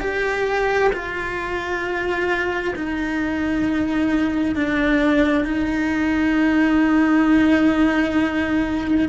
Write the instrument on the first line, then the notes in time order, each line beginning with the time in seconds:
cello
0.00 G4
0.92 F4
2.75 D#4
4.55 D4
5.44 D#4